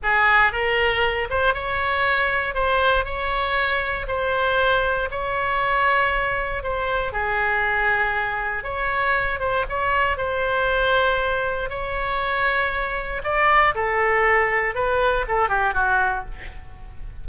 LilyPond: \new Staff \with { instrumentName = "oboe" } { \time 4/4 \tempo 4 = 118 gis'4 ais'4. c''8 cis''4~ | cis''4 c''4 cis''2 | c''2 cis''2~ | cis''4 c''4 gis'2~ |
gis'4 cis''4. c''8 cis''4 | c''2. cis''4~ | cis''2 d''4 a'4~ | a'4 b'4 a'8 g'8 fis'4 | }